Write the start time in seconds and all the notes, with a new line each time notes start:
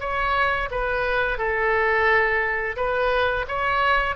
0.00 C#5
0.71 B4
1.38 A4
2.76 B4
3.48 C#5